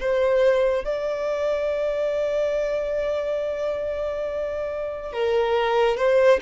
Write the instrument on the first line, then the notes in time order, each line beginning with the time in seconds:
violin
0.00 C5
0.84 D5
5.12 A#4
5.96 C5